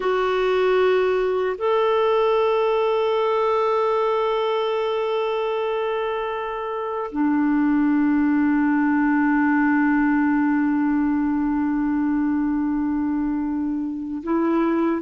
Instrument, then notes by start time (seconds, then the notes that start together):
clarinet
0.00 F#4
1.58 A4
7.11 D4
14.23 E4